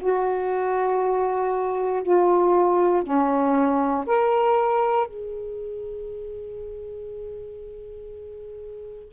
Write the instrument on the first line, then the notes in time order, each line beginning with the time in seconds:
saxophone
0.00 F#4
2.02 F4
3.03 C#4
4.06 A#4
5.07 G#4